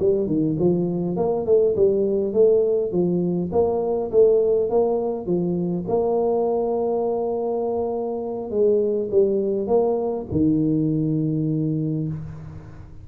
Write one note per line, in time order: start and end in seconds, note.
0.00 0.27 G3
0.27 0.56 D#3
0.60 1.17 F3
1.17 1.46 A#3
1.46 1.76 A3
1.76 2.33 G3
2.33 2.92 A3
2.92 3.51 F3
3.52 4.11 A#3
4.11 4.70 A3
4.70 5.26 A#3
5.26 5.85 F3
5.88 8.51 A#3
8.51 9.09 G#3
9.11 9.67 G3
9.67 10.26 A#3
10.32 12.08 D#3